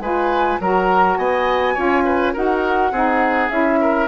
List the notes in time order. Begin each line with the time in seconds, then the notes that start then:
0.00 G#3 F4 B4 G#5
0.60 F#3 F#4 A#4 A#5
1.17 B3 D#5 G#5
1.74 C#4 F4 C#5
2.05 B4
2.33 D#4 F#4 A#4 F#5
2.91 C4 D#4 G#4
3.50 C#4 E4 E5
3.81 A#4